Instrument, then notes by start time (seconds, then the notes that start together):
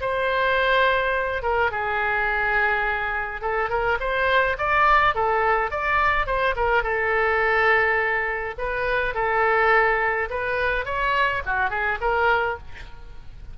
oboe
0.00 C5
1.42 A#4
1.71 G#4
3.41 A4
3.69 A#4
3.99 C5
4.57 D5
5.15 A4
5.70 D5
6.26 C5
6.56 A#4
6.83 A4
8.58 B4
9.14 A4
10.30 B4
10.85 C#5
11.45 F#4
11.69 G#4
12.01 A#4